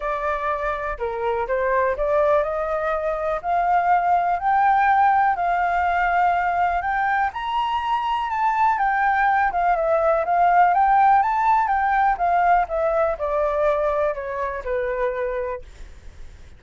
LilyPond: \new Staff \with { instrumentName = "flute" } { \time 4/4 \tempo 4 = 123 d''2 ais'4 c''4 | d''4 dis''2 f''4~ | f''4 g''2 f''4~ | f''2 g''4 ais''4~ |
ais''4 a''4 g''4. f''8 | e''4 f''4 g''4 a''4 | g''4 f''4 e''4 d''4~ | d''4 cis''4 b'2 | }